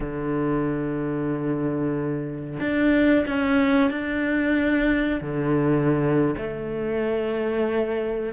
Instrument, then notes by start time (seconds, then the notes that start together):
cello
0.00 D3
2.60 D4
3.27 C#4
3.90 D4
5.21 D3
6.37 A3